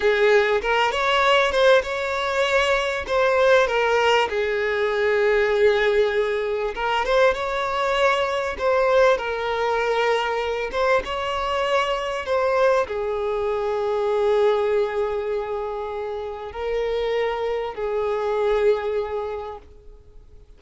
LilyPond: \new Staff \with { instrumentName = "violin" } { \time 4/4 \tempo 4 = 98 gis'4 ais'8 cis''4 c''8 cis''4~ | cis''4 c''4 ais'4 gis'4~ | gis'2. ais'8 c''8 | cis''2 c''4 ais'4~ |
ais'4. c''8 cis''2 | c''4 gis'2.~ | gis'2. ais'4~ | ais'4 gis'2. | }